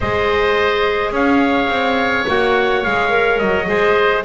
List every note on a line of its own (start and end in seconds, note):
0.00 1.11 G#3
0.00 2.27 G#4
0.00 1.13 C5
0.00 1.14 D#5
1.11 1.67 C#4
1.11 3.68 C#5
1.11 2.28 F5
1.68 2.25 C4
2.27 2.84 A#3
2.27 2.83 F#4
2.27 2.83 F#5
2.83 3.41 G#3
2.83 3.08 G#4
2.83 3.38 F5
3.08 3.65 A#4
3.38 3.68 F#3
3.38 4.23 D#5
3.67 4.24 G#3
3.67 4.23 G#4
3.67 4.24 C5